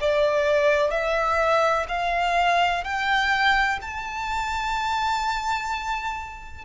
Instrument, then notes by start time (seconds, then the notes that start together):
violin
0.00 D5
0.91 E5
1.88 F5
2.84 G5
3.81 A5